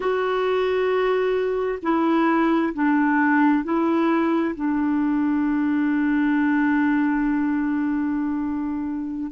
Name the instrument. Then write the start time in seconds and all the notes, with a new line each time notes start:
clarinet
0.00 F#4
1.82 E4
2.73 D4
3.64 E4
4.55 D4